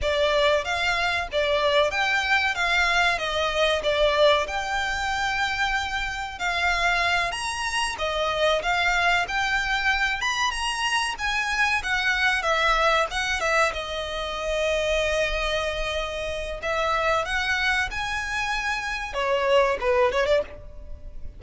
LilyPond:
\new Staff \with { instrumentName = "violin" } { \time 4/4 \tempo 4 = 94 d''4 f''4 d''4 g''4 | f''4 dis''4 d''4 g''4~ | g''2 f''4. ais''8~ | ais''8 dis''4 f''4 g''4. |
b''8 ais''4 gis''4 fis''4 e''8~ | e''8 fis''8 e''8 dis''2~ dis''8~ | dis''2 e''4 fis''4 | gis''2 cis''4 b'8 cis''16 d''16 | }